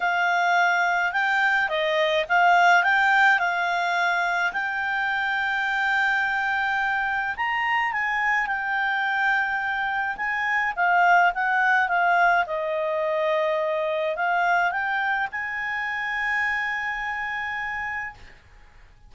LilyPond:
\new Staff \with { instrumentName = "clarinet" } { \time 4/4 \tempo 4 = 106 f''2 g''4 dis''4 | f''4 g''4 f''2 | g''1~ | g''4 ais''4 gis''4 g''4~ |
g''2 gis''4 f''4 | fis''4 f''4 dis''2~ | dis''4 f''4 g''4 gis''4~ | gis''1 | }